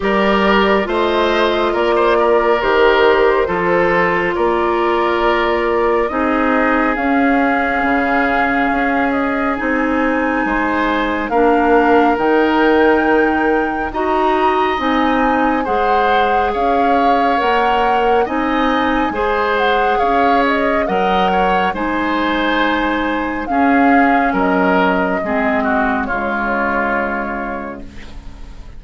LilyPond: <<
  \new Staff \with { instrumentName = "flute" } { \time 4/4 \tempo 4 = 69 d''4 dis''4 d''4 c''4~ | c''4 d''2 dis''4 | f''2~ f''8 dis''8 gis''4~ | gis''4 f''4 g''2 |
ais''4 gis''4 fis''4 f''4 | fis''4 gis''4. fis''8 f''8 dis''8 | fis''4 gis''2 f''4 | dis''2 cis''2 | }
  \new Staff \with { instrumentName = "oboe" } { \time 4/4 ais'4 c''4 ais'16 c''16 ais'4. | a'4 ais'2 gis'4~ | gis'1 | c''4 ais'2. |
dis''2 c''4 cis''4~ | cis''4 dis''4 c''4 cis''4 | dis''8 cis''8 c''2 gis'4 | ais'4 gis'8 fis'8 f'2 | }
  \new Staff \with { instrumentName = "clarinet" } { \time 4/4 g'4 f'2 g'4 | f'2. dis'4 | cis'2. dis'4~ | dis'4 d'4 dis'2 |
fis'4 dis'4 gis'2 | ais'4 dis'4 gis'2 | ais'4 dis'2 cis'4~ | cis'4 c'4 gis2 | }
  \new Staff \with { instrumentName = "bassoon" } { \time 4/4 g4 a4 ais4 dis4 | f4 ais2 c'4 | cis'4 cis4 cis'4 c'4 | gis4 ais4 dis2 |
dis'4 c'4 gis4 cis'4 | ais4 c'4 gis4 cis'4 | fis4 gis2 cis'4 | fis4 gis4 cis2 | }
>>